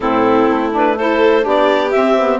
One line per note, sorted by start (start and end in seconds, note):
0.00 0.48 A2
0.00 0.71 C4
0.00 0.97 E4
0.00 0.70 A4
0.50 1.46 A3
0.71 0.95 D4
0.71 0.98 B4
0.97 1.41 E4
0.97 1.44 A4
0.97 1.46 C5
1.41 1.94 B3
1.41 1.89 D4
1.41 2.40 G4
1.47 1.90 D5
1.90 2.17 C4
1.90 2.40 C4
1.90 2.39 E5
2.17 2.40 B3